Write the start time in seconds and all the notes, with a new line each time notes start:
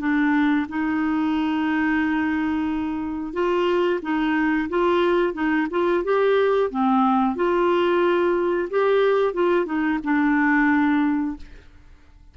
0.00 D4
0.69 D#4
3.34 F4
4.02 D#4
4.69 F4
5.34 D#4
5.71 F4
6.04 G4
6.71 C4
7.36 F4
8.70 G4
9.34 F4
9.66 D#4
10.04 D4